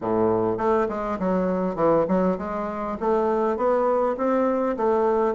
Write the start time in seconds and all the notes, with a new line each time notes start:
0.01 A2
0.57 A3
0.88 G#3
1.19 F#3
1.75 E3
2.07 F#3
2.38 G#3
2.99 A3
3.56 B3
4.17 C4
4.76 A3